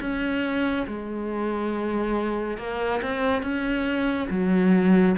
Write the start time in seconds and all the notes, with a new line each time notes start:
0.00 C#4
0.87 G#3
2.58 A#3
3.02 C4
3.42 C#4
4.30 F#3